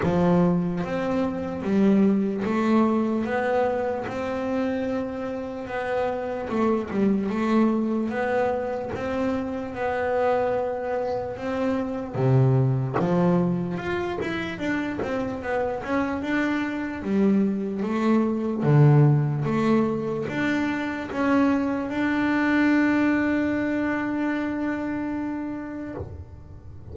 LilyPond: \new Staff \with { instrumentName = "double bass" } { \time 4/4 \tempo 4 = 74 f4 c'4 g4 a4 | b4 c'2 b4 | a8 g8 a4 b4 c'4 | b2 c'4 c4 |
f4 f'8 e'8 d'8 c'8 b8 cis'8 | d'4 g4 a4 d4 | a4 d'4 cis'4 d'4~ | d'1 | }